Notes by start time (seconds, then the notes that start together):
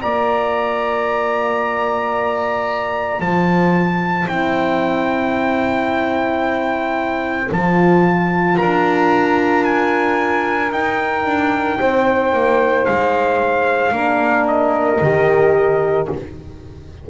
0.00 A#3 F4 D5 A#5
3.19 F3 C5 A5
4.25 C4 E4 G5
7.51 F3 F4 A5
8.56 D4 A#4 A#5
9.64 G#5
10.71 D#4 G5
11.25 D4
11.79 C4 C5
12.33 A#3
12.85 G#3 F5
13.92 A#3 D4 A#4
14.47 D#5
15.01 D#3 G4